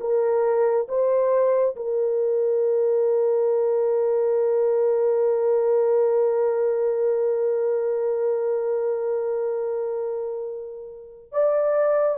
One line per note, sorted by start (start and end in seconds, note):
0.00 0.87 A#4
0.88 1.75 C5
1.76 11.32 A#4
11.32 12.18 D5